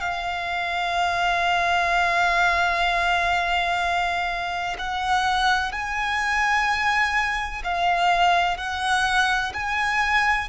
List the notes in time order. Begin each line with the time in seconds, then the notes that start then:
0.00 F5
4.78 F#5
5.72 G#5
7.64 F5
8.57 F#5
9.53 G#5